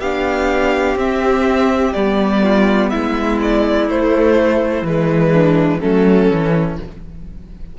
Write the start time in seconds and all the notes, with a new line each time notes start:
0.00 B3 D4 G4 F5
0.96 C4 E5
1.93 G3 B3 D5
2.44 F4
2.90 G#3 E4 E5
3.42 D5
3.90 A3 C5
4.82 E3 G#3 B4
5.32 D4
5.80 F#3 A3 C#4 A4
6.30 E3 C#4